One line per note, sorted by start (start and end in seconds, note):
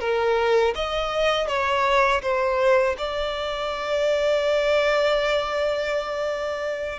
0.00 0.74 A#4
0.75 1.47 D#5
1.47 2.22 C#5
2.22 2.96 C5
2.98 6.99 D5